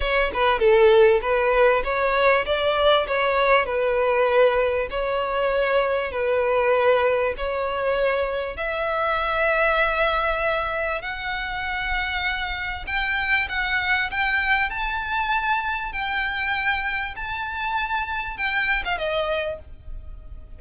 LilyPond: \new Staff \with { instrumentName = "violin" } { \time 4/4 \tempo 4 = 98 cis''8 b'8 a'4 b'4 cis''4 | d''4 cis''4 b'2 | cis''2 b'2 | cis''2 e''2~ |
e''2 fis''2~ | fis''4 g''4 fis''4 g''4 | a''2 g''2 | a''2 g''8. f''16 dis''4 | }